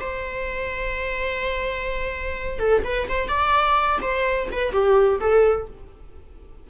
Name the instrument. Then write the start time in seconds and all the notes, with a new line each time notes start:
viola
0.00 C5
2.59 A4
2.84 B4
3.09 C5
3.28 D5
4.01 C5
4.52 B4
4.72 G4
5.20 A4